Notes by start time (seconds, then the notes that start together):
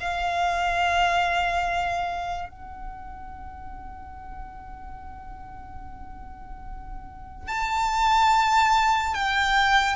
0.00 F5
2.49 F#5
7.48 A5
9.15 G5